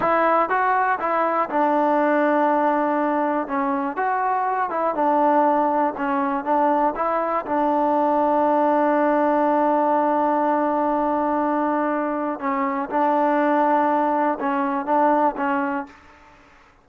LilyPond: \new Staff \with { instrumentName = "trombone" } { \time 4/4 \tempo 4 = 121 e'4 fis'4 e'4 d'4~ | d'2. cis'4 | fis'4. e'8 d'2 | cis'4 d'4 e'4 d'4~ |
d'1~ | d'1~ | d'4 cis'4 d'2~ | d'4 cis'4 d'4 cis'4 | }